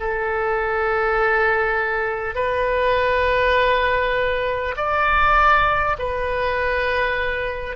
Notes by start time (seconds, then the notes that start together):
0.00 A4
2.35 B4
4.77 D5
5.99 B4